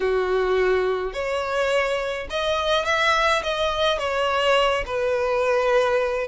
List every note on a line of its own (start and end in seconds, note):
0.00 1.13 F#4
1.13 2.27 C#5
2.29 2.85 D#5
2.85 3.42 E5
3.43 3.98 D#5
3.98 4.84 C#5
4.86 6.28 B4